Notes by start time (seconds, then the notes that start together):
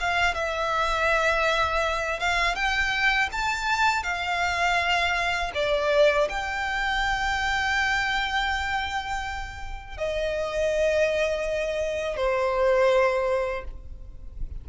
0.00 F5
0.34 E5
2.20 F5
2.55 G5
3.32 A5
4.03 F5
5.54 D5
6.29 G5
9.97 D#5
12.16 C5